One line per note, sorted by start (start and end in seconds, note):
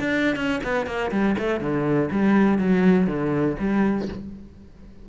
0.00 0.36 D4
0.36 0.61 C#4
0.64 0.87 B3
0.87 1.11 A#3
1.11 1.36 G3
1.38 1.61 A3
1.61 2.10 D3
2.11 2.59 G3
2.59 3.07 F#3
3.07 3.56 D3
3.59 4.08 G3